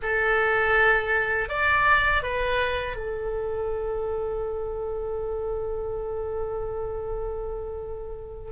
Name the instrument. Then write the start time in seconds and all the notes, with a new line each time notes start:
oboe
0.02 A4
1.48 D5
2.23 B4
2.96 A4